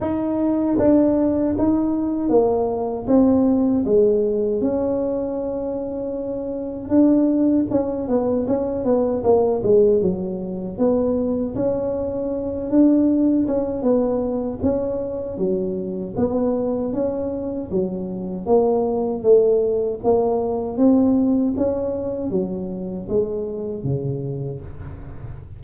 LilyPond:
\new Staff \with { instrumentName = "tuba" } { \time 4/4 \tempo 4 = 78 dis'4 d'4 dis'4 ais4 | c'4 gis4 cis'2~ | cis'4 d'4 cis'8 b8 cis'8 b8 | ais8 gis8 fis4 b4 cis'4~ |
cis'8 d'4 cis'8 b4 cis'4 | fis4 b4 cis'4 fis4 | ais4 a4 ais4 c'4 | cis'4 fis4 gis4 cis4 | }